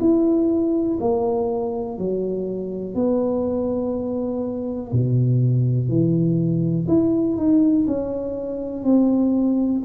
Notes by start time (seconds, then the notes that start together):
0.00 E4
1.00 A#3
1.99 F#3
2.95 B3
4.92 B2
5.89 E3
6.88 E4
7.37 D#4
7.87 C#4
8.84 C4